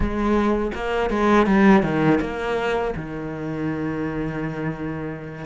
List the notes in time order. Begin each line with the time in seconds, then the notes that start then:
0.00 G#3
0.74 A#3
1.10 G#3
1.46 G3
1.82 D#3
2.21 A#3
2.96 D#3